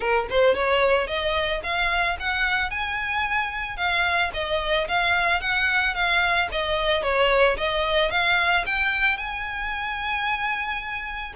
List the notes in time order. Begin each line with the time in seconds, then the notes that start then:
0.00 A#4
0.29 C5
0.54 C#5
1.07 D#5
1.63 F5
2.19 F#5
2.70 G#5
3.76 F5
4.33 D#5
4.88 F5
5.40 F#5
5.94 F5
6.51 D#5
7.02 C#5
7.57 D#5
8.10 F5
8.65 G5
9.17 G#5